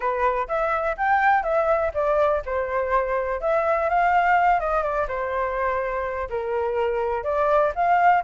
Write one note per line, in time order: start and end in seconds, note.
0.00 0.47 B4
0.48 0.96 E5
0.97 1.43 G5
1.43 1.91 E5
1.94 2.42 D5
2.45 3.40 C5
3.40 3.89 E5
3.89 4.60 F5
4.60 4.82 D#5
4.82 5.07 D5
5.07 6.28 C5
6.29 7.23 A#4
7.23 7.72 D5
7.75 8.23 F5